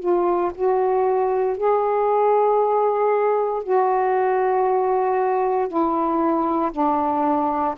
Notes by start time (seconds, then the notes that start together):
0.00 F4
0.55 F#4
1.58 G#4
3.63 F#4
5.68 E4
6.72 D4